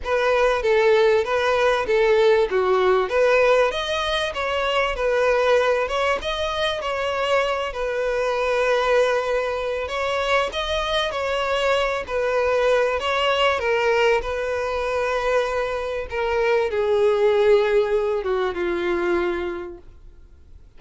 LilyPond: \new Staff \with { instrumentName = "violin" } { \time 4/4 \tempo 4 = 97 b'4 a'4 b'4 a'4 | fis'4 b'4 dis''4 cis''4 | b'4. cis''8 dis''4 cis''4~ | cis''8 b'2.~ b'8 |
cis''4 dis''4 cis''4. b'8~ | b'4 cis''4 ais'4 b'4~ | b'2 ais'4 gis'4~ | gis'4. fis'8 f'2 | }